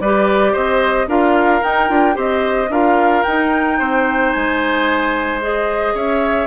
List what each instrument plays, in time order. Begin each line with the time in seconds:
0.00 bassoon G3, clarinet G4, oboe B4, flute D5
0.52 bassoon C4, oboe C5, flute D#5
1.07 bassoon D4, clarinet F4, oboe A#4, flute F5
1.62 clarinet D#4, bassoon D#4, flute G5
1.88 bassoon D4, clarinet F4
2.14 bassoon C4, clarinet G4, oboe C5, flute D#5
2.69 bassoon D4, clarinet F4, oboe A#4, flute F5
3.23 clarinet D#4, bassoon D#4, flute G5
3.78 bassoon C4, oboe C5
4.31 bassoon G#3, flute G#5
5.41 clarinet G#4, flute D#5
5.94 bassoon C#4, oboe C#5, flute E5